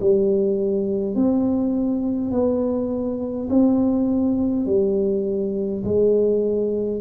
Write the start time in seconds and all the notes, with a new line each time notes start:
0.00 G3
1.15 C4
2.31 B3
3.50 C4
4.66 G3
5.84 G#3